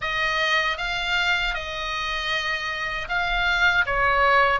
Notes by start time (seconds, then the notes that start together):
0.01 D#5
0.77 F5
1.54 D#5
3.08 F5
3.86 C#5